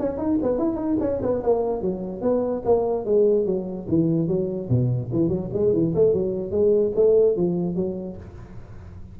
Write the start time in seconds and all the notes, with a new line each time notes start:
0.00 C#4
0.18 D#4
0.43 B3
0.59 E4
0.76 D#4
1.01 C#4
1.22 B3
1.43 A#3
1.82 F#3
2.22 B3
2.65 A#3
3.06 G#3
3.46 F#3
3.89 E3
4.28 F#3
4.70 B2
5.13 E3
5.29 F#3
5.54 G#3
5.74 E3
5.95 A3
6.14 F#3
6.51 G#3
6.96 A3
7.37 F3
7.76 F#3